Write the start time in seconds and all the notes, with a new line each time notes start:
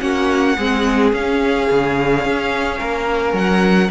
0.00 A#3 C#4 F#4 F#5
0.57 G#3 C4 G#4
1.13 C#4 F5
1.71 C#3
2.25 C#4
2.79 A#3 A#4
3.33 F#3 F#5